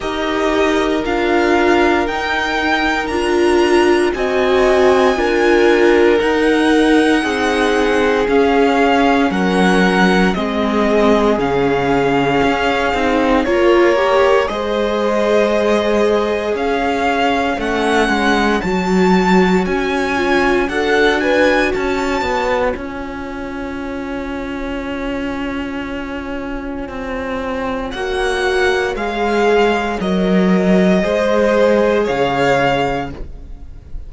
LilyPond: <<
  \new Staff \with { instrumentName = "violin" } { \time 4/4 \tempo 4 = 58 dis''4 f''4 g''4 ais''4 | gis''2 fis''2 | f''4 fis''4 dis''4 f''4~ | f''4 cis''4 dis''2 |
f''4 fis''4 a''4 gis''4 | fis''8 gis''8 a''4 gis''2~ | gis''2. fis''4 | f''4 dis''2 f''4 | }
  \new Staff \with { instrumentName = "violin" } { \time 4/4 ais'1 | dis''4 ais'2 gis'4~ | gis'4 ais'4 gis'2~ | gis'4 ais'4 c''2 |
cis''1 | a'8 b'8 cis''2.~ | cis''1~ | cis''2 c''4 cis''4 | }
  \new Staff \with { instrumentName = "viola" } { \time 4/4 g'4 f'4 dis'4 f'4 | fis'4 f'4 dis'2 | cis'2 c'4 cis'4~ | cis'8 dis'8 f'8 g'8 gis'2~ |
gis'4 cis'4 fis'4. f'8 | fis'2 f'2~ | f'2. fis'4 | gis'4 ais'4 gis'2 | }
  \new Staff \with { instrumentName = "cello" } { \time 4/4 dis'4 d'4 dis'4 d'4 | c'4 d'4 dis'4 c'4 | cis'4 fis4 gis4 cis4 | cis'8 c'8 ais4 gis2 |
cis'4 a8 gis8 fis4 cis'4 | d'4 cis'8 b8 cis'2~ | cis'2 c'4 ais4 | gis4 fis4 gis4 cis4 | }
>>